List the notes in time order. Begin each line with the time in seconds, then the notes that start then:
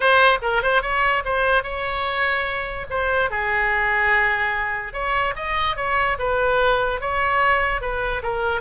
0.00 C5
0.42 A#4
0.62 C5
0.81 C#5
1.24 C5
1.63 C#5
2.90 C5
3.30 G#4
4.93 C#5
5.35 D#5
5.76 C#5
6.18 B4
7.00 C#5
7.81 B4
8.22 A#4